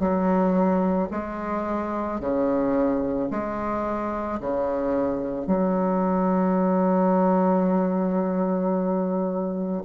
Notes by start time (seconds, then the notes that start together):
0.00 F#3
1.12 G#3
2.21 C#3
3.31 G#3
4.41 C#3
5.47 F#3